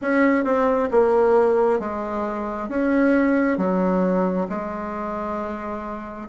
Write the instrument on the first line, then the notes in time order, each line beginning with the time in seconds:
bassoon
0.01 C#4
0.44 C4
0.91 A#3
1.79 G#3
2.68 C#4
3.57 F#3
4.49 G#3